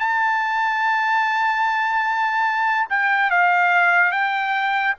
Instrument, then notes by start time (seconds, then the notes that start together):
trumpet
0.00 A5
2.90 G5
3.31 F5
4.12 G5